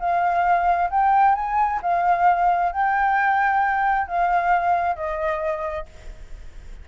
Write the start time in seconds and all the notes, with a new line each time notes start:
0.00 F5
0.90 G5
1.35 G#5
1.82 F5
2.73 G5
4.08 F5
4.96 D#5